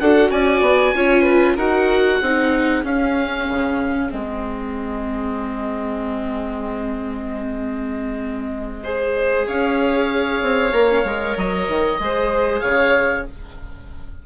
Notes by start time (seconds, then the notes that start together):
0.00 D4 F#4 A4 F#5
0.31 C#4 D5 G#5
0.61 B3
0.94 C#4 F4 C#5
1.23 B4
1.56 D#4 F#4 A#4 F#5
2.19 C4 D#4 G#4
2.83 C#4 F5
3.49 C#3
4.11 G#3 C4 D#5
8.84 G#4 C5
9.47 C#4 C#5 F5
10.42 C4
10.73 A#3 A#4
10.88 C#4
11.04 G#3 A#4
11.37 F#3 D#5
11.68 D#3
11.99 G#3 G#4 C5
12.61 C#3 C#5 F5